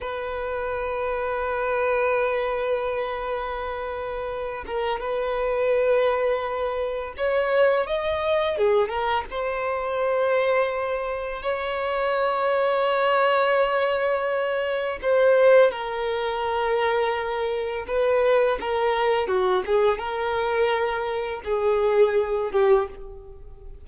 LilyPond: \new Staff \with { instrumentName = "violin" } { \time 4/4 \tempo 4 = 84 b'1~ | b'2~ b'8 ais'8 b'4~ | b'2 cis''4 dis''4 | gis'8 ais'8 c''2. |
cis''1~ | cis''4 c''4 ais'2~ | ais'4 b'4 ais'4 fis'8 gis'8 | ais'2 gis'4. g'8 | }